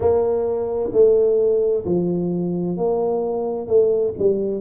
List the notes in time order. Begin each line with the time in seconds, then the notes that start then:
0.00 A#3
0.92 A3
1.85 F3
2.77 A#3
3.67 A3
4.18 G3